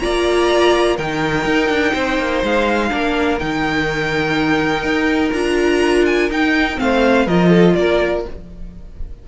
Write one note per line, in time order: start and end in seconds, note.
0.00 0.99 A#3
0.00 0.98 F4
0.00 0.97 D5
0.00 0.97 A#5
0.97 1.45 D#3
0.97 2.90 D#4
0.97 1.93 A#4
0.97 2.43 G5
1.45 1.69 D#4
1.69 1.93 D4
1.93 2.19 C4
1.93 2.89 C5
2.19 2.43 A#3
2.43 2.92 G#3
2.43 3.40 F5
2.90 3.41 A#3
2.90 3.39 D4
2.90 6.81 A#4
3.40 4.84 D#3
3.40 5.34 D#4
3.40 5.33 G5
4.84 5.32 D#4
5.33 6.30 D4
5.33 6.31 F4
5.33 6.05 A#5
6.06 6.30 G#5
6.30 6.79 D#4
6.30 6.77 D#4
6.30 6.80 G5
6.77 7.27 A3
6.77 7.25 C4
6.77 7.27 C5
6.77 7.28 F5
7.27 7.75 F3
7.27 8.26 F4
7.27 7.50 A#4
7.27 7.75 D#5
7.50 7.74 A4
7.75 8.25 A#3
7.75 8.28 A#4
7.75 8.23 D5